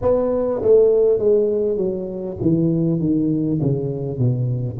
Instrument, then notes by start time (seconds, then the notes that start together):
tuba
0.01 B3
0.62 A3
1.18 G#3
1.77 F#3
2.41 E3
3.00 D#3
3.61 C#3
4.18 B2